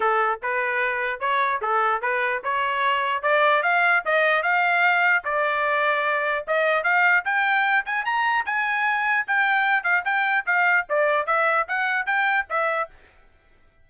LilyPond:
\new Staff \with { instrumentName = "trumpet" } { \time 4/4 \tempo 4 = 149 a'4 b'2 cis''4 | a'4 b'4 cis''2 | d''4 f''4 dis''4 f''4~ | f''4 d''2. |
dis''4 f''4 g''4. gis''8 | ais''4 gis''2 g''4~ | g''8 f''8 g''4 f''4 d''4 | e''4 fis''4 g''4 e''4 | }